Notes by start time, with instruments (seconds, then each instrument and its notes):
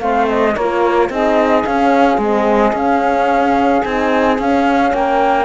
0.00 cello A3, horn C4, saxophone C5, flute F5
0.28 flute D#5
0.54 cello A#3, horn F4, saxophone A#4, flute C#5
1.09 cello C4, horn D#4, saxophone G#4, flute D#5
1.65 horn C#4, cello C#4, flute F5
2.18 cello G#3, horn C4, flute D#5
2.73 cello C#4, horn C#4, flute F5
3.83 cello C4, horn D#4, flute G#5
4.38 cello C#4, horn C#4, flute F5
4.93 cello A#3, saxophone A#4, flute G5